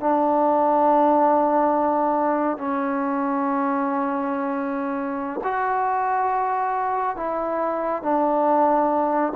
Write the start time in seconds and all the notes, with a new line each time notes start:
0.00 D4
2.58 C#4
5.43 F#4
7.17 E4
8.02 D4